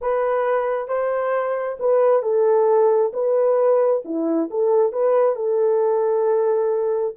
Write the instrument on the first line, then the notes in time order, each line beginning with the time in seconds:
horn
0.01 B4
0.88 C5
1.79 B4
2.22 A4
3.13 B4
4.04 E4
4.50 A4
4.92 B4
5.35 A4